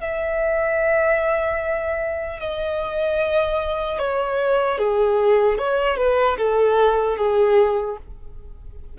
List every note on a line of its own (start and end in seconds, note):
0.00 2.39 E5
2.39 3.98 D#5
3.98 4.78 C#5
4.78 5.58 G#4
5.58 5.97 C#5
5.97 6.37 B4
6.37 7.17 A4
7.17 7.97 G#4